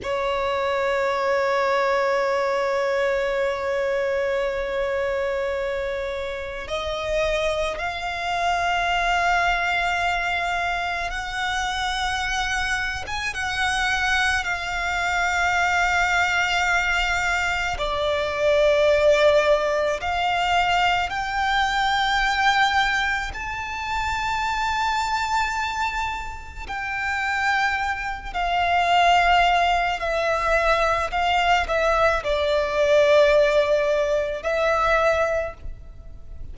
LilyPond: \new Staff \with { instrumentName = "violin" } { \time 4/4 \tempo 4 = 54 cis''1~ | cis''2 dis''4 f''4~ | f''2 fis''4.~ fis''16 gis''16 | fis''4 f''2. |
d''2 f''4 g''4~ | g''4 a''2. | g''4. f''4. e''4 | f''8 e''8 d''2 e''4 | }